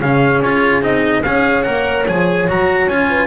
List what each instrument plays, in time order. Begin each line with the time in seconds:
0.00 double bass C#3, cello C#4, horn G#4, trumpet F5
0.42 double bass C#4, cello F4, trumpet C#5
0.82 double bass C4, cello D#4, trumpet D#5
1.23 double bass C#4, cello G#4, horn C#5, trumpet F5
1.63 double bass A#3, cello A#4, trumpet F#5
2.07 double bass F3, cello G#4, trumpet G#5
2.48 double bass F#3, cello F#4, trumpet A#5
2.87 double bass C#4, cello F4, trumpet G#5
3.09 horn B4